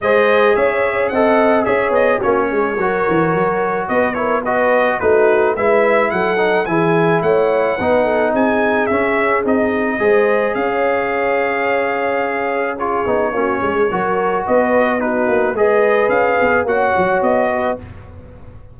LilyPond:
<<
  \new Staff \with { instrumentName = "trumpet" } { \time 4/4 \tempo 4 = 108 dis''4 e''4 fis''4 e''8 dis''8 | cis''2. dis''8 cis''8 | dis''4 b'4 e''4 fis''4 | gis''4 fis''2 gis''4 |
e''4 dis''2 f''4~ | f''2. cis''4~ | cis''2 dis''4 b'4 | dis''4 f''4 fis''4 dis''4 | }
  \new Staff \with { instrumentName = "horn" } { \time 4/4 c''4 cis''4 dis''4 cis''4 | fis'8 gis'8 ais'2 b'8 ais'8 | b'4 fis'4 b'4 a'4 | gis'4 cis''4 b'8 a'8 gis'4~ |
gis'2 c''4 cis''4~ | cis''2. gis'4 | fis'8 gis'8 ais'4 b'4 fis'4 | b'2 cis''4. b'8 | }
  \new Staff \with { instrumentName = "trombone" } { \time 4/4 gis'2 a'4 gis'4 | cis'4 fis'2~ fis'8 e'8 | fis'4 dis'4 e'4. dis'8 | e'2 dis'2 |
cis'4 dis'4 gis'2~ | gis'2. f'8 dis'8 | cis'4 fis'2 dis'4 | gis'2 fis'2 | }
  \new Staff \with { instrumentName = "tuba" } { \time 4/4 gis4 cis'4 c'4 cis'8 b8 | ais8 gis8 fis8 e8 fis4 b4~ | b4 a4 gis4 fis4 | e4 a4 b4 c'4 |
cis'4 c'4 gis4 cis'4~ | cis'2.~ cis'8 b8 | ais8 gis8 fis4 b4. ais8 | gis4 cis'8 b8 ais8 fis8 b4 | }
>>